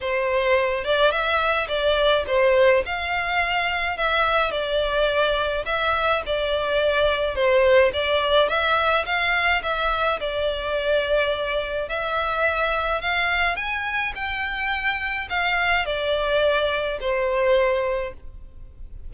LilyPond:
\new Staff \with { instrumentName = "violin" } { \time 4/4 \tempo 4 = 106 c''4. d''8 e''4 d''4 | c''4 f''2 e''4 | d''2 e''4 d''4~ | d''4 c''4 d''4 e''4 |
f''4 e''4 d''2~ | d''4 e''2 f''4 | gis''4 g''2 f''4 | d''2 c''2 | }